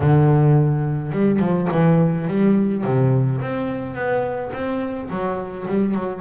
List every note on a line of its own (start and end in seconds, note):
0.00 1.12 D3
1.12 1.39 G3
1.39 1.68 F3
1.71 2.27 E3
2.27 2.84 G3
2.84 3.40 C3
3.41 3.94 C4
3.94 4.51 B3
4.52 5.09 C4
5.09 5.66 F#3
5.67 5.94 G3
5.94 6.21 F#3